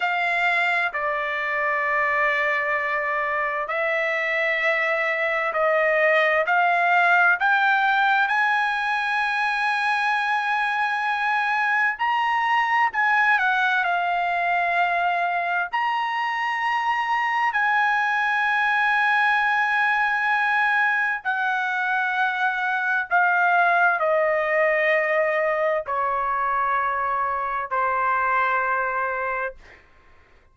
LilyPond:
\new Staff \with { instrumentName = "trumpet" } { \time 4/4 \tempo 4 = 65 f''4 d''2. | e''2 dis''4 f''4 | g''4 gis''2.~ | gis''4 ais''4 gis''8 fis''8 f''4~ |
f''4 ais''2 gis''4~ | gis''2. fis''4~ | fis''4 f''4 dis''2 | cis''2 c''2 | }